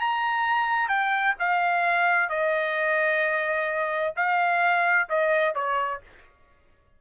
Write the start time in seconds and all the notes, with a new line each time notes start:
0.00 A#5
0.88 G5
1.39 F5
2.29 D#5
4.16 F5
5.09 D#5
5.55 C#5